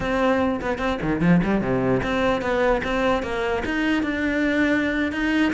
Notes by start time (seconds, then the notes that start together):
0.00 C4
0.61 B3
0.78 C4
1.02 D#3
1.20 F3
1.43 G3
1.61 C3
2.02 C4
2.41 B3
2.83 C4
3.23 A#3
3.65 D#4
4.02 D4
5.12 D#4